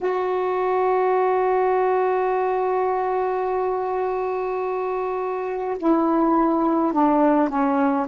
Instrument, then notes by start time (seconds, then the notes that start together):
saxophone
0.00 F#4
5.78 E4
6.92 D4
7.48 C#4